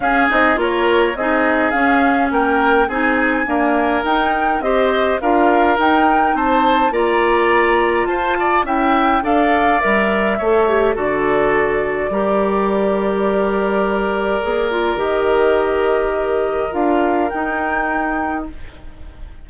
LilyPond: <<
  \new Staff \with { instrumentName = "flute" } { \time 4/4 \tempo 4 = 104 f''8 dis''8 cis''4 dis''4 f''4 | g''4 gis''2 g''4 | dis''4 f''4 g''4 a''4 | ais''2 a''4 g''4 |
f''4 e''2 d''4~ | d''1~ | d''2 dis''2~ | dis''4 f''4 g''2 | }
  \new Staff \with { instrumentName = "oboe" } { \time 4/4 gis'4 ais'4 gis'2 | ais'4 gis'4 ais'2 | c''4 ais'2 c''4 | d''2 c''8 d''8 e''4 |
d''2 cis''4 a'4~ | a'4 ais'2.~ | ais'1~ | ais'1 | }
  \new Staff \with { instrumentName = "clarinet" } { \time 4/4 cis'8 dis'8 f'4 dis'4 cis'4~ | cis'4 dis'4 ais4 dis'4 | g'4 f'4 dis'2 | f'2. e'4 |
a'4 ais'4 a'8 g'8 fis'4~ | fis'4 g'2.~ | g'4 gis'8 f'8 g'2~ | g'4 f'4 dis'2 | }
  \new Staff \with { instrumentName = "bassoon" } { \time 4/4 cis'8 c'8 ais4 c'4 cis'4 | ais4 c'4 d'4 dis'4 | c'4 d'4 dis'4 c'4 | ais2 f'4 cis'4 |
d'4 g4 a4 d4~ | d4 g2.~ | g4 ais4 dis2~ | dis4 d'4 dis'2 | }
>>